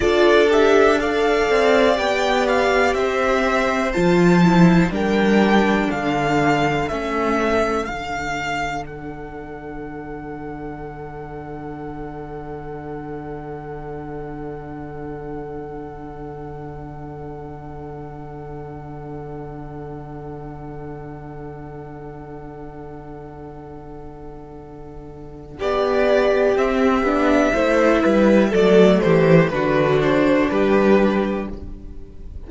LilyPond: <<
  \new Staff \with { instrumentName = "violin" } { \time 4/4 \tempo 4 = 61 d''8 e''8 f''4 g''8 f''8 e''4 | a''4 g''4 f''4 e''4 | f''4 fis''2.~ | fis''1~ |
fis''1~ | fis''1~ | fis''2 d''4 e''4~ | e''4 d''8 c''8 b'8 c''8 b'4 | }
  \new Staff \with { instrumentName = "violin" } { \time 4/4 a'4 d''2 c''4~ | c''4 ais'4 a'2~ | a'1~ | a'1~ |
a'1~ | a'1~ | a'2 g'2 | c''8 b'8 a'8 g'8 fis'4 g'4 | }
  \new Staff \with { instrumentName = "viola" } { \time 4/4 f'8 g'8 a'4 g'2 | f'8 e'8 d'2 cis'4 | d'1~ | d'1~ |
d'1~ | d'1~ | d'2. c'8 d'8 | e'4 a4 d'2 | }
  \new Staff \with { instrumentName = "cello" } { \time 4/4 d'4. c'8 b4 c'4 | f4 g4 d4 a4 | d1~ | d1~ |
d1~ | d1~ | d2 b4 c'8 b8 | a8 g8 fis8 e8 d4 g4 | }
>>